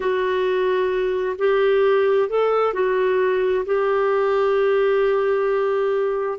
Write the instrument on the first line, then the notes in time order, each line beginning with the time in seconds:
clarinet
0.00 F#4
1.38 G4
2.29 A4
2.73 F#4
3.65 G4